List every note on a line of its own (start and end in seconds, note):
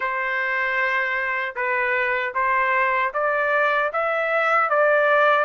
0.00 1.55 C5
1.55 2.33 B4
2.34 3.12 C5
3.13 3.91 D5
3.92 4.69 E5
4.69 5.44 D5